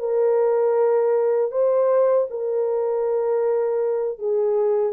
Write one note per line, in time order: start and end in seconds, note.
0.00 1.52 A#4
1.52 2.28 C5
2.31 4.19 A#4
4.19 4.93 G#4